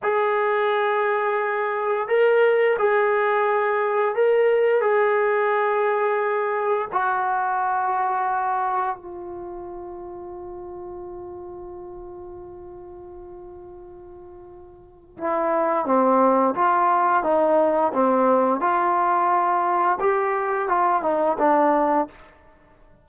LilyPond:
\new Staff \with { instrumentName = "trombone" } { \time 4/4 \tempo 4 = 87 gis'2. ais'4 | gis'2 ais'4 gis'4~ | gis'2 fis'2~ | fis'4 f'2.~ |
f'1~ | f'2 e'4 c'4 | f'4 dis'4 c'4 f'4~ | f'4 g'4 f'8 dis'8 d'4 | }